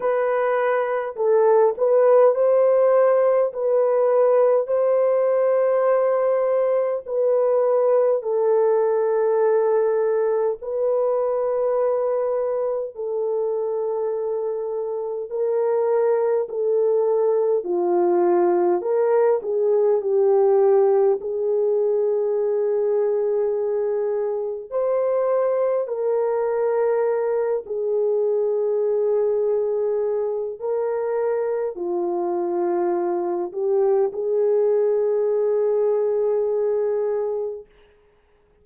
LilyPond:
\new Staff \with { instrumentName = "horn" } { \time 4/4 \tempo 4 = 51 b'4 a'8 b'8 c''4 b'4 | c''2 b'4 a'4~ | a'4 b'2 a'4~ | a'4 ais'4 a'4 f'4 |
ais'8 gis'8 g'4 gis'2~ | gis'4 c''4 ais'4. gis'8~ | gis'2 ais'4 f'4~ | f'8 g'8 gis'2. | }